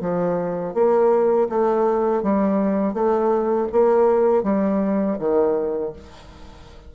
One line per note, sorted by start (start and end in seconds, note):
0.00 0.74 F3
0.74 1.48 A#3
1.49 2.23 A3
2.23 2.94 G3
2.94 3.68 A3
3.72 4.43 A#3
4.43 5.17 G3
5.19 5.93 D#3